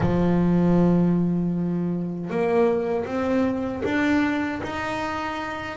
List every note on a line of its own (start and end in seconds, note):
0.00 2.29 F3
2.29 3.05 A#3
3.05 3.82 C4
3.84 4.61 D4
4.63 5.77 D#4